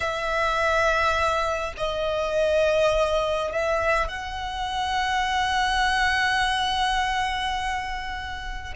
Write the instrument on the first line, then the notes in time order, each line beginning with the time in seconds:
violin
0.00 E5
1.77 D#5
3.52 E5
4.08 F#5